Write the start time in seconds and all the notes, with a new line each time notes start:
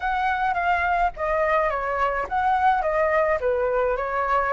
0.00 F#5
0.54 F5
1.16 D#5
1.70 C#5
2.28 F#5
2.81 D#5
3.40 B4
3.96 C#5